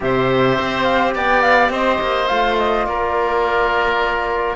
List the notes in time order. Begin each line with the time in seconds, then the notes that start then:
0.00 C3 G4 C5 E5
0.58 C4
0.83 F5
1.15 B3 D5 G5
1.42 F5
1.69 C4 C5 D#5
2.00 A#3
2.27 A3 F4 F5
2.57 D#5
2.86 A#3 A#4 D5